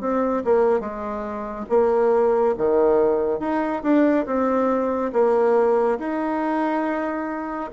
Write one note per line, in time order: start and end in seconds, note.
0.00 0.43 C4
0.44 0.80 A#3
0.80 1.66 G#3
1.69 2.55 A#3
2.58 3.39 D#3
3.39 3.82 D#4
3.83 4.25 D4
4.26 5.12 C4
5.13 5.98 A#3
5.99 7.70 D#4